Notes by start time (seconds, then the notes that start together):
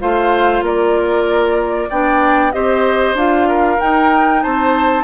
0.00 A3 F4 C5 F5
0.62 A#3 A#4 D5
1.90 B3 D4 D5 G5
2.52 C4 G4 C5 D#5
3.14 D4 F4 F5
3.49 A#4
3.79 D#4 G5
4.43 C4 C5 A5